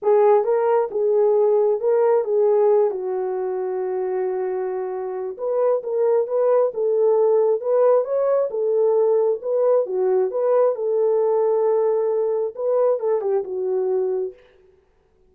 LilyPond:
\new Staff \with { instrumentName = "horn" } { \time 4/4 \tempo 4 = 134 gis'4 ais'4 gis'2 | ais'4 gis'4. fis'4.~ | fis'1 | b'4 ais'4 b'4 a'4~ |
a'4 b'4 cis''4 a'4~ | a'4 b'4 fis'4 b'4 | a'1 | b'4 a'8 g'8 fis'2 | }